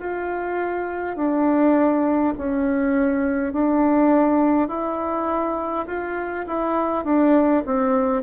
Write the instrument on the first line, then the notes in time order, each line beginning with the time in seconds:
bassoon
0.00 F4
1.17 D4
2.39 C#4
3.53 D4
4.68 E4
5.87 F4
6.47 E4
7.05 D4
7.66 C4